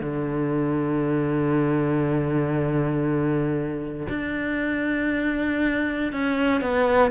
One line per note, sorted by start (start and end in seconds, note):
0.00 4.07 D3
4.09 6.12 D4
6.12 6.61 C#4
6.61 7.11 B3